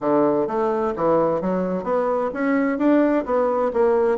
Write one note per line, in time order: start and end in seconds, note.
0.00 0.47 D3
0.47 0.93 A3
0.96 1.41 E3
1.41 1.83 F#3
1.83 2.30 B3
2.33 2.78 C#4
2.78 3.25 D4
3.25 3.71 B3
3.73 4.18 A#3